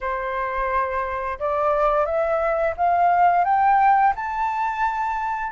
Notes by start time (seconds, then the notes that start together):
0.00 C5
1.39 D5
2.05 E5
2.76 F5
3.44 G5
4.15 A5